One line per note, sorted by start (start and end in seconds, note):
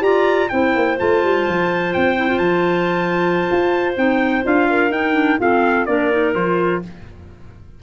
0.00 0.50 F4
0.00 0.48 G4
0.00 0.49 D5
0.00 0.49 A#5
0.49 0.75 C4
0.49 0.98 E4
0.49 4.69 C5
0.49 0.97 G5
0.75 0.99 A#3
0.98 1.23 A3
0.98 2.17 F4
0.98 1.93 A5
1.23 1.47 G3
1.48 1.95 F3
1.93 2.39 C4
1.93 2.38 G5
2.17 2.28 E4
2.28 3.94 F4
2.38 3.46 F3
2.38 3.93 A5
3.51 3.97 F4
3.96 4.44 C4
3.96 4.43 D#4
3.96 4.45 G5
4.43 4.90 D4
4.43 4.91 F4
4.43 4.92 F5
4.70 5.40 A#4
4.90 5.37 D#4
4.90 5.13 D#4
4.90 5.39 G5
5.13 5.37 D4
5.39 5.87 C4
5.39 5.87 F4
5.39 5.87 A4
5.39 5.86 F5
5.86 6.35 A#3
5.86 6.11 D4
5.86 6.82 A#4
5.86 6.33 D5
6.11 6.34 D#4
6.34 6.82 F3
6.34 6.82 F4
6.34 6.82 C5